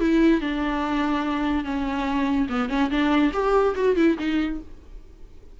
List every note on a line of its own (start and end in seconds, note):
0.00 0.41 E4
0.41 1.64 D4
1.64 2.48 C#4
2.49 2.69 B3
2.69 2.90 C#4
2.90 3.32 D4
3.33 3.75 G4
3.75 3.96 F#4
3.96 4.17 E4
4.19 4.60 D#4